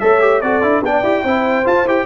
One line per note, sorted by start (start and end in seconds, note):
0.00 0.42 A3
0.00 0.21 A4
0.00 0.43 C#5
0.00 0.41 E5
0.21 0.42 G4
0.41 0.63 C4
0.41 0.62 F#4
0.41 0.84 A4
0.41 0.82 D5
0.62 0.82 D4
0.62 0.83 E4
0.82 1.02 B3
0.82 1.04 D4
0.82 1.24 D5
0.82 1.67 G5
1.03 1.24 E4
1.03 1.24 G4
1.24 1.65 C4
1.24 1.65 E4
1.24 2.06 C5
1.65 1.85 F4
1.65 1.84 F4
1.65 1.88 A5
1.84 2.05 E4
1.84 2.06 G4
1.84 2.06 G5